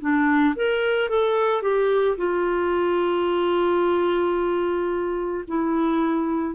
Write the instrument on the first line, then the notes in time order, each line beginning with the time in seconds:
clarinet
0.00 D4
0.56 A#4
1.09 A4
1.62 G4
2.17 F4
5.47 E4